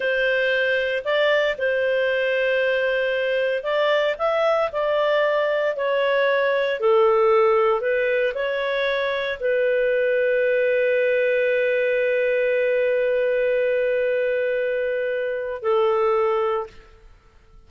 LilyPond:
\new Staff \with { instrumentName = "clarinet" } { \time 4/4 \tempo 4 = 115 c''2 d''4 c''4~ | c''2. d''4 | e''4 d''2 cis''4~ | cis''4 a'2 b'4 |
cis''2 b'2~ | b'1~ | b'1~ | b'2 a'2 | }